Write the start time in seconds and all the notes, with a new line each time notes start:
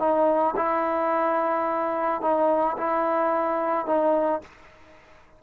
0.00 D#4
0.57 E4
2.22 D#4
2.78 E4
3.87 D#4